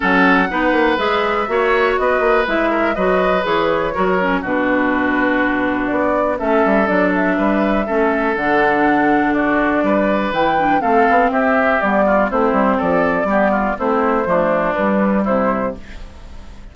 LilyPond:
<<
  \new Staff \with { instrumentName = "flute" } { \time 4/4 \tempo 4 = 122 fis''2 e''2 | dis''4 e''4 dis''4 cis''4~ | cis''4 b'2. | d''4 e''4 d''8 e''4.~ |
e''4 fis''2 d''4~ | d''4 g''4 f''4 e''4 | d''4 c''4 d''2 | c''2 b'4 c''4 | }
  \new Staff \with { instrumentName = "oboe" } { \time 4/4 a'4 b'2 cis''4 | b'4. ais'8 b'2 | ais'4 fis'2.~ | fis'4 a'2 b'4 |
a'2. fis'4 | b'2 a'4 g'4~ | g'8 f'8 e'4 a'4 g'8 f'8 | e'4 d'2 e'4 | }
  \new Staff \with { instrumentName = "clarinet" } { \time 4/4 cis'4 dis'4 gis'4 fis'4~ | fis'4 e'4 fis'4 gis'4 | fis'8 cis'8 d'2.~ | d'4 cis'4 d'2 |
cis'4 d'2.~ | d'4 e'8 d'8 c'2 | b4 c'2 b4 | c'4 a4 g2 | }
  \new Staff \with { instrumentName = "bassoon" } { \time 4/4 fis4 b8 ais8 gis4 ais4 | b8 ais8 gis4 fis4 e4 | fis4 b,2. | b4 a8 g8 fis4 g4 |
a4 d2. | g4 e4 a8 b8 c'4 | g4 a8 g8 f4 g4 | a4 f4 g4 c4 | }
>>